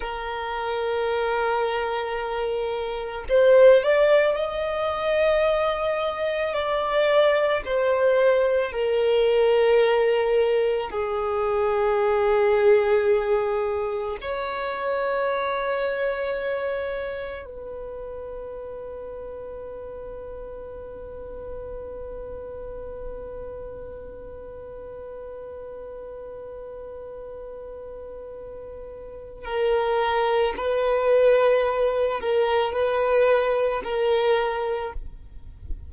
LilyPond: \new Staff \with { instrumentName = "violin" } { \time 4/4 \tempo 4 = 55 ais'2. c''8 d''8 | dis''2 d''4 c''4 | ais'2 gis'2~ | gis'4 cis''2. |
b'1~ | b'1~ | b'2. ais'4 | b'4. ais'8 b'4 ais'4 | }